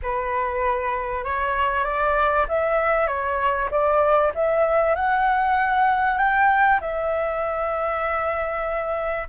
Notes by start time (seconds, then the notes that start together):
0.02 B4
1.24 C#5
1.84 D5
2.48 E5
3.07 C#5
3.70 D5
4.35 E5
4.95 F#5
6.18 G5
6.80 E5